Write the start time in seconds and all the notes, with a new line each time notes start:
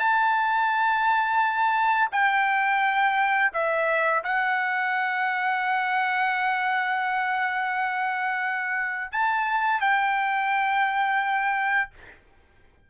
0.00 A5
2.12 G5
3.54 E5
4.24 F#5
9.12 A5
9.81 G5